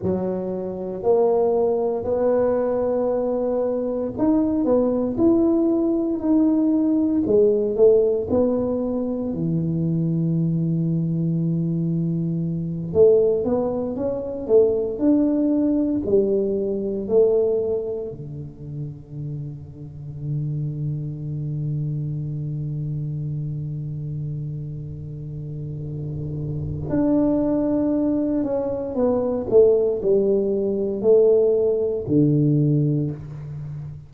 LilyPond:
\new Staff \with { instrumentName = "tuba" } { \time 4/4 \tempo 4 = 58 fis4 ais4 b2 | dis'8 b8 e'4 dis'4 gis8 a8 | b4 e2.~ | e8 a8 b8 cis'8 a8 d'4 g8~ |
g8 a4 d2~ d8~ | d1~ | d2 d'4. cis'8 | b8 a8 g4 a4 d4 | }